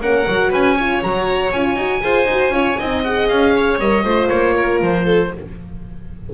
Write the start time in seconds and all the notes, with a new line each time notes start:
0.00 A#3 C#4 A#4 F#5
0.28 F#3 F#4
0.50 C#4 B4 G#5
0.75 F4 C#5
1.03 F#3 F#4 A#5
1.52 C#4 F4 G#5
1.76 D#4 F#4
2.01 F4 G#4 C5
2.25 D#4 F#4
2.50 C#4 F4 C#5
2.79 C4 D#4 D#5
3.04 G#4 F#5
3.28 C#4 F5
3.56 C#5
3.78 G3 A#4 D#5
4.04 A3 F4 C5
4.28 A#3 C#5
4.56 A#4
4.82 F3 C5
5.04 A4